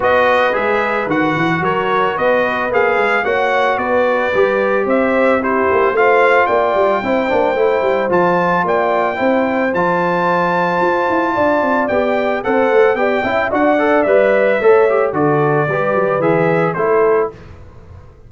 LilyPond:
<<
  \new Staff \with { instrumentName = "trumpet" } { \time 4/4 \tempo 4 = 111 dis''4 e''4 fis''4 cis''4 | dis''4 f''4 fis''4 d''4~ | d''4 e''4 c''4 f''4 | g''2. a''4 |
g''2 a''2~ | a''2 g''4 fis''4 | g''4 fis''4 e''2 | d''2 e''4 c''4 | }
  \new Staff \with { instrumentName = "horn" } { \time 4/4 b'2. ais'4 | b'2 cis''4 b'4~ | b'4 c''4 g'4 c''4 | d''4 c''2. |
d''4 c''2.~ | c''4 d''2 c''4 | d''8 e''8 d''2 cis''4 | a'4 b'2 a'4 | }
  \new Staff \with { instrumentName = "trombone" } { \time 4/4 fis'4 gis'4 fis'2~ | fis'4 gis'4 fis'2 | g'2 e'4 f'4~ | f'4 e'8 d'8 e'4 f'4~ |
f'4 e'4 f'2~ | f'2 g'4 a'4 | g'8 e'8 fis'8 a'8 b'4 a'8 g'8 | fis'4 g'4 gis'4 e'4 | }
  \new Staff \with { instrumentName = "tuba" } { \time 4/4 b4 gis4 dis8 e8 fis4 | b4 ais8 gis8 ais4 b4 | g4 c'4. ais8 a4 | ais8 g8 c'8 ais8 a8 g8 f4 |
ais4 c'4 f2 | f'8 e'8 d'8 c'8 b4 c'8 a8 | b8 cis'8 d'4 g4 a4 | d4 g8 fis8 e4 a4 | }
>>